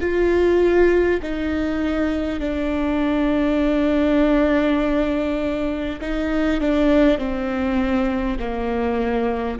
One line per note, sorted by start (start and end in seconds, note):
0.00 1.20 F4
1.22 2.39 D#4
2.39 5.99 D4
6.01 6.61 D#4
6.61 7.18 D4
7.18 8.38 C4
8.39 9.59 A#3